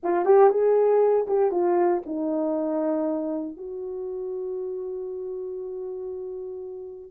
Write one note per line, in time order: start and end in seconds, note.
0.03 0.25 F4
0.25 0.50 G4
0.50 1.26 G#4
1.27 1.51 G4
1.51 2.02 F4
2.05 3.56 D#4
3.56 7.11 F#4